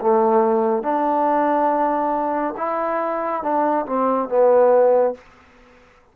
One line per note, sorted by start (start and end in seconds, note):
0.00 0.83 A3
0.83 2.54 D4
2.57 3.42 E4
3.43 3.86 D4
3.86 4.29 C4
4.29 5.14 B3